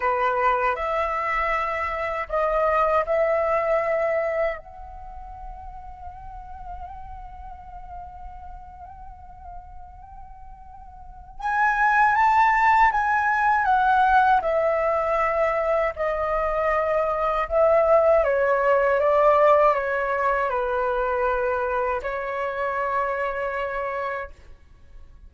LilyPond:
\new Staff \with { instrumentName = "flute" } { \time 4/4 \tempo 4 = 79 b'4 e''2 dis''4 | e''2 fis''2~ | fis''1~ | fis''2. gis''4 |
a''4 gis''4 fis''4 e''4~ | e''4 dis''2 e''4 | cis''4 d''4 cis''4 b'4~ | b'4 cis''2. | }